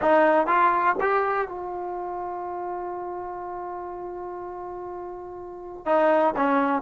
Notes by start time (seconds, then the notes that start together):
0.01 D#4
0.47 F4
1.00 G4
1.48 F4
5.85 D#4
6.36 C#4